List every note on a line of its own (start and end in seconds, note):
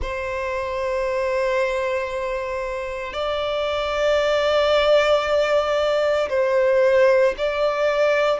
0.01 3.13 C5
3.13 6.29 D5
6.29 7.34 C5
7.37 8.40 D5